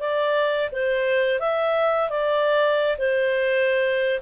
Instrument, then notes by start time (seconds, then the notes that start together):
clarinet
0.00 D5
0.72 C5
1.40 E5
2.10 D5
2.98 C5